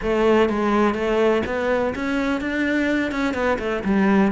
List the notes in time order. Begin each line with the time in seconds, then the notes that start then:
0.02 A3
0.49 G#3
0.94 A3
1.46 B3
1.95 C#4
2.40 D4
3.11 C#4
3.33 B3
3.59 A3
3.84 G3